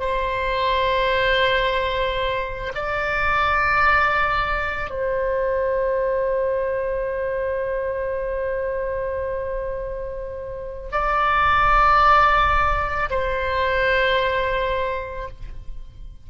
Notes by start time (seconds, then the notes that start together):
0.00 C5
2.75 D5
4.90 C5
10.92 D5
13.10 C5